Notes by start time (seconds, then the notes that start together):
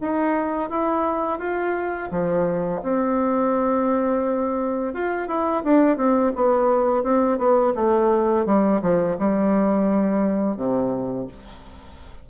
0.00 D#4
0.70 E4
1.38 F4
2.10 F3
2.82 C4
4.93 F4
5.27 E4
5.63 D4
5.96 C4
6.35 B3
7.03 C4
7.38 B3
7.75 A3
8.45 G3
8.81 F3
9.18 G3
10.56 C3